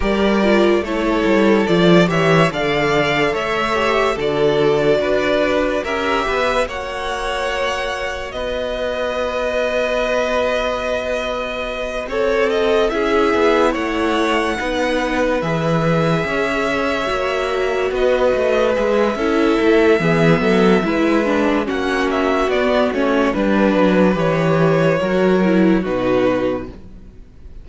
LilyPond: <<
  \new Staff \with { instrumentName = "violin" } { \time 4/4 \tempo 4 = 72 d''4 cis''4 d''8 e''8 f''4 | e''4 d''2 e''4 | fis''2 dis''2~ | dis''2~ dis''8 cis''8 dis''8 e''8~ |
e''8 fis''2 e''4.~ | e''4. dis''4 e''4.~ | e''2 fis''8 e''8 d''8 cis''8 | b'4 cis''2 b'4 | }
  \new Staff \with { instrumentName = "violin" } { \time 4/4 ais'4 a'4. cis''8 d''4 | cis''4 a'4 b'4 ais'8 b'8 | cis''2 b'2~ | b'2~ b'8 a'4 gis'8~ |
gis'8 cis''4 b'2 cis''8~ | cis''4. b'4. a'4 | gis'8 a'8 b'4 fis'2 | b'2 ais'4 fis'4 | }
  \new Staff \with { instrumentName = "viola" } { \time 4/4 g'8 f'8 e'4 f'8 g'8 a'4~ | a'8 g'8 fis'2 g'4 | fis'1~ | fis'2.~ fis'8 e'8~ |
e'4. dis'4 gis'4.~ | gis'8 fis'2 gis'8 e'4 | b4 e'8 d'8 cis'4 b8 cis'8 | d'4 g'4 fis'8 e'8 dis'4 | }
  \new Staff \with { instrumentName = "cello" } { \time 4/4 g4 a8 g8 f8 e8 d4 | a4 d4 d'4 cis'8 b8 | ais2 b2~ | b2~ b8 c'4 cis'8 |
b8 a4 b4 e4 cis'8~ | cis'8 ais4 b8 a8 gis8 cis'8 a8 | e8 fis8 gis4 ais4 b8 a8 | g8 fis8 e4 fis4 b,4 | }
>>